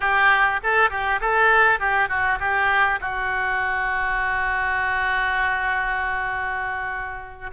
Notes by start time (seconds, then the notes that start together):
0.00 G4
0.63 A4
0.89 G4
1.20 A4
1.79 G4
2.08 F#4
2.39 G4
3.00 F#4